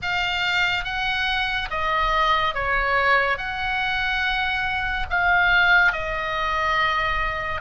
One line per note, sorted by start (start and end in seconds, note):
0.02 0.84 F5
0.84 1.69 F#5
1.70 2.54 D#5
2.54 3.37 C#5
3.37 5.06 F#5
5.10 5.92 F5
5.92 7.61 D#5